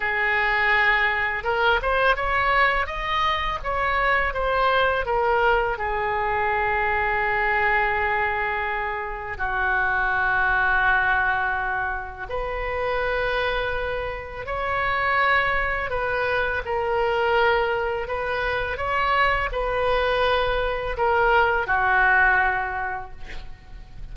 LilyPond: \new Staff \with { instrumentName = "oboe" } { \time 4/4 \tempo 4 = 83 gis'2 ais'8 c''8 cis''4 | dis''4 cis''4 c''4 ais'4 | gis'1~ | gis'4 fis'2.~ |
fis'4 b'2. | cis''2 b'4 ais'4~ | ais'4 b'4 cis''4 b'4~ | b'4 ais'4 fis'2 | }